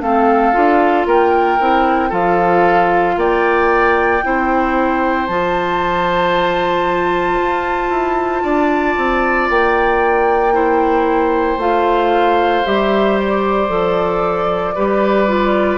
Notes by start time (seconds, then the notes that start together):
0.00 A3 C4 A4 F5
0.54 D4 F4
1.06 A#3 A#4 G5
1.60 C4 E4
2.09 F3 F4 A4 F5
3.17 A#3 D5 G5
4.23 C4 E4 C5
5.27 F3 F4 A5
7.40 F4
7.90 E4
8.43 D4 D5
8.97 C4
9.50 A#3 G5
10.54 E4 C5
11.57 A3 F4 F5
12.65 G3 G4 E5
13.18 D5
13.68 F3 A4
14.75 G3 G4 B4
15.28 F4